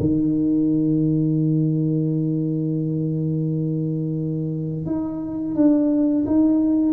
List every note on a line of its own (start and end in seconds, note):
0.00 4.86 D#3
4.86 5.55 D#4
5.55 6.25 D4
6.27 6.93 D#4